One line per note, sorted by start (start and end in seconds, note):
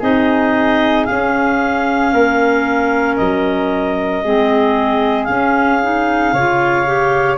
0.00 1.07 C4
0.00 1.07 D#4
0.00 2.11 G#4
0.00 1.06 D#5
1.06 4.24 C#4
1.06 2.13 C#4
1.06 3.16 F5
2.13 3.18 A#3
2.13 4.24 A#4
3.17 4.24 F#3
3.17 5.25 D#5
4.24 5.29 G#3
4.24 5.29 C4
4.24 6.34 G#4
5.25 5.81 C#4
5.25 6.33 C#4
5.25 7.36 F5
5.82 6.35 D#4
6.33 7.38 C#3
6.33 6.87 F4
6.33 7.38 C#5
6.87 7.38 G4